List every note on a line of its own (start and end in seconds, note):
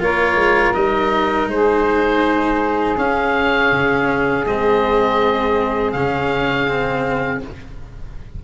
0.00 0.35 A#3
0.00 0.74 F4
0.00 1.51 A#4
0.00 0.74 C#5
0.35 0.72 G#3
0.74 1.47 G3
0.74 2.96 D#4
0.74 1.48 D#5
1.47 2.96 G#3
1.47 7.44 G#4
1.47 2.98 C5
2.97 3.71 C#4
2.97 4.45 C#4
2.97 4.46 F5
3.71 4.45 C#3
4.46 5.94 G#3
4.46 5.96 C4
4.46 5.92 D#5
5.92 7.42 C#3
5.92 6.68 C#4
5.92 7.40 F5
6.68 7.42 C4